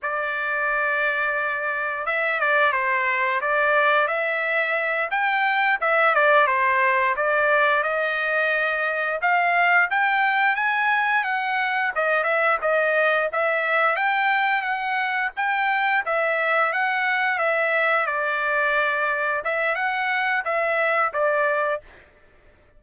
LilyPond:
\new Staff \with { instrumentName = "trumpet" } { \time 4/4 \tempo 4 = 88 d''2. e''8 d''8 | c''4 d''4 e''4. g''8~ | g''8 e''8 d''8 c''4 d''4 dis''8~ | dis''4. f''4 g''4 gis''8~ |
gis''8 fis''4 dis''8 e''8 dis''4 e''8~ | e''8 g''4 fis''4 g''4 e''8~ | e''8 fis''4 e''4 d''4.~ | d''8 e''8 fis''4 e''4 d''4 | }